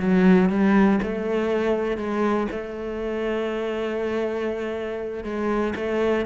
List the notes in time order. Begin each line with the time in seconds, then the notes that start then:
0.00 F#3
0.50 G3
1.03 A3
1.98 G#3
2.52 A3
5.25 G#3
5.76 A3